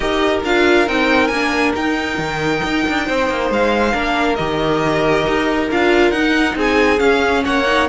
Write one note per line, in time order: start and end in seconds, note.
0.00 0.42 D#4
0.00 0.44 G4
0.00 3.06 A#4
0.00 0.39 D#5
0.43 0.87 D4
0.43 0.86 F4
0.43 0.88 F5
0.86 1.29 C4
0.86 1.30 D#4
0.86 1.27 G5
1.27 1.72 A#3
1.27 1.71 G#5
1.34 1.76 D4
1.75 2.18 D#4
1.75 3.92 D#4
1.75 3.50 G5
2.18 2.61 D#3
2.63 2.85 D#4
2.88 3.09 D4
3.06 3.29 C4
3.06 3.93 C5
3.29 3.50 A#3
3.50 3.93 G#3
3.50 4.35 F5
3.92 4.38 A#3
3.92 4.36 D4
3.92 6.55 A#4
4.35 5.26 D#3
4.35 5.70 G4
4.35 5.67 D#5
5.27 5.71 D#4
5.71 6.10 D4
5.71 6.15 F4
5.71 6.11 F5
6.10 6.54 D#4
6.10 6.98 D#4
6.10 6.55 F#5
6.55 6.99 C4
6.55 7.44 G#4
6.55 6.99 G#5
6.98 7.63 C#4
6.98 7.44 C#4
6.98 7.43 F5
7.45 7.88 A#3
7.45 7.88 C#5
7.45 7.88 F#5
7.66 7.88 D#4